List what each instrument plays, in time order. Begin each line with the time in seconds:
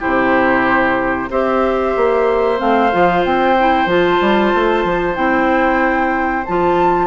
0.00 bassoon C3, clarinet E4, oboe G4, flute C5
1.30 bassoon C4, clarinet G4, oboe C5, flute E5
1.97 bassoon A#3
2.58 bassoon A3, clarinet C4, flute F5
2.92 bassoon F3, clarinet F4
3.25 bassoon C4, flute G5
3.59 clarinet E4
3.86 bassoon F3, clarinet F4, flute A5
4.21 bassoon G3
4.55 bassoon A3
4.84 bassoon F3
5.15 bassoon C4, clarinet E4, flute G5
6.46 bassoon F3, clarinet F4, flute A5